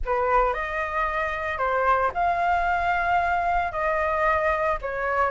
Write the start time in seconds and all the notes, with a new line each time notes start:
0.05 B4
0.53 D#5
1.58 C5
2.14 F5
3.72 D#5
4.81 C#5